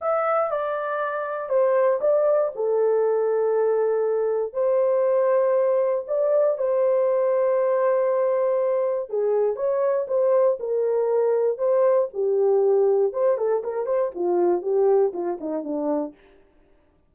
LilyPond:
\new Staff \with { instrumentName = "horn" } { \time 4/4 \tempo 4 = 119 e''4 d''2 c''4 | d''4 a'2.~ | a'4 c''2. | d''4 c''2.~ |
c''2 gis'4 cis''4 | c''4 ais'2 c''4 | g'2 c''8 a'8 ais'8 c''8 | f'4 g'4 f'8 dis'8 d'4 | }